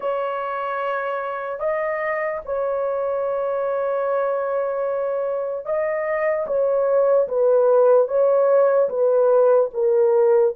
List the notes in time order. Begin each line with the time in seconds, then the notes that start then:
0.00 C#5
1.59 D#5
2.45 C#5
5.65 D#5
6.46 C#5
7.28 B4
8.07 C#5
8.89 B4
9.73 A#4